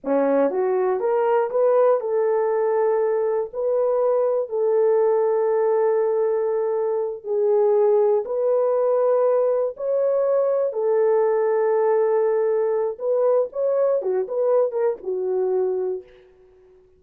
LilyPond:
\new Staff \with { instrumentName = "horn" } { \time 4/4 \tempo 4 = 120 cis'4 fis'4 ais'4 b'4 | a'2. b'4~ | b'4 a'2.~ | a'2~ a'8 gis'4.~ |
gis'8 b'2. cis''8~ | cis''4. a'2~ a'8~ | a'2 b'4 cis''4 | fis'8 b'4 ais'8 fis'2 | }